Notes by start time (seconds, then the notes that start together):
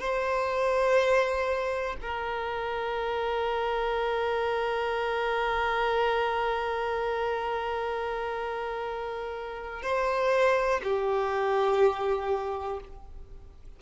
0.00 C5
2.02 A#4
9.83 C5
10.84 G4